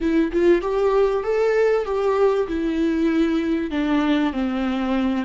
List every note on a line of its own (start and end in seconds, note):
0.00 0.31 E4
0.32 0.61 F4
0.61 1.23 G4
1.23 1.85 A4
1.85 2.47 G4
2.47 3.71 E4
3.71 4.32 D4
4.32 5.25 C4